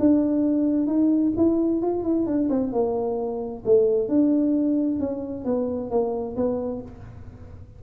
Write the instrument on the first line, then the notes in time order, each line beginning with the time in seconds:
tuba
0.00 D4
0.87 D#4
1.37 E4
1.82 F4
2.04 E4
2.27 D4
2.50 C4
2.73 A#3
3.66 A3
4.09 D4
5.00 C#4
5.45 B3
5.91 A#3
6.37 B3